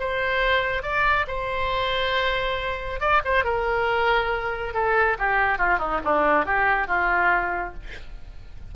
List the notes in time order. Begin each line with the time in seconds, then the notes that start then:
0.00 C5
0.83 D5
1.28 C5
3.00 D5
3.25 C5
3.45 A#4
4.74 A4
5.19 G4
5.58 F4
5.79 D#4
6.05 D4
6.46 G4
6.88 F4